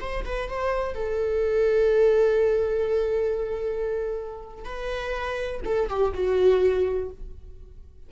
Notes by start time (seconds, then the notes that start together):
0.00 C5
0.25 B4
0.49 C5
0.95 A4
4.65 B4
5.65 A4
5.89 G4
6.14 F#4